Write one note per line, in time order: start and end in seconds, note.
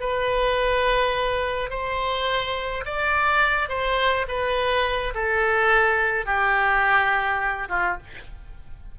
0.00 1.70 B4
1.70 2.84 C5
2.85 3.69 D5
3.69 4.26 C5
4.28 5.14 B4
5.15 6.26 A4
6.26 7.69 G4
7.69 7.98 F4